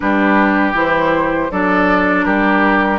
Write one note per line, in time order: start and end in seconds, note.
0.00 0.73 G3
0.00 0.74 D4
0.00 1.51 G4
0.00 0.75 B4
0.73 1.48 E3
0.73 1.49 E4
0.73 1.51 C5
1.51 2.26 F#3
1.51 2.99 D4
1.51 2.25 A4
1.51 2.24 D5
2.24 2.99 G3
2.24 2.99 G4
2.24 2.99 A#4